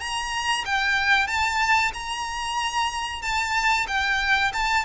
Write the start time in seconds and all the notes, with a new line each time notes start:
0.00 A#5
0.65 G5
1.27 A5
1.94 A#5
3.22 A5
3.88 G5
4.53 A5